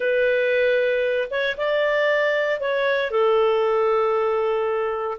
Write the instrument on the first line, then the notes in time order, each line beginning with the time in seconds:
clarinet
0.00 B4
1.30 C#5
1.57 D5
2.60 C#5
3.10 A4